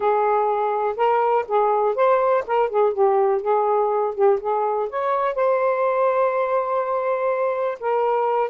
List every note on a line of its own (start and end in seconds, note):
0.00 0.96 G#4
0.96 1.45 A#4
1.48 1.95 G#4
1.95 2.44 C5
2.47 2.69 A#4
2.69 2.93 G#4
2.93 3.41 G4
3.41 4.14 G#4
4.14 4.39 G4
4.40 4.89 G#4
4.89 5.34 C#5
5.34 7.78 C5
7.80 8.50 A#4